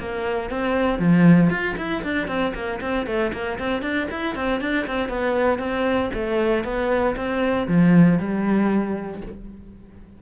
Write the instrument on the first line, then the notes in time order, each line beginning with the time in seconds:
cello
0.00 A#3
0.50 C4
0.99 F3
1.50 F4
1.78 E4
2.04 D4
2.28 C4
2.55 A#3
2.81 C4
3.07 A3
3.33 A#3
3.59 C4
3.82 D4
4.11 E4
4.35 C4
4.61 D4
4.87 C4
5.09 B3
5.59 C4
6.14 A3
6.64 B3
7.16 C4
7.68 F3
8.19 G3